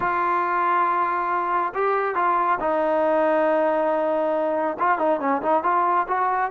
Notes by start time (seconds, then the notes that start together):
0.00 F4
1.74 G4
2.15 F4
2.59 D#4
4.79 F4
4.98 D#4
5.20 C#4
5.42 D#4
5.63 F4
6.08 F#4